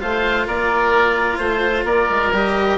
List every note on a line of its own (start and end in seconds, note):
0.00 0.48 A3
0.00 2.33 F4
0.00 0.47 C5
0.00 0.48 F5
0.47 1.39 A#3
0.47 1.40 A#4
0.47 1.38 D5
1.38 1.84 A3
1.38 1.85 C5
1.84 2.08 A#3
1.84 2.78 A#4
1.84 2.33 D5
2.10 2.32 G#3
2.32 2.79 G3
2.32 2.79 G4
2.32 2.79 D#5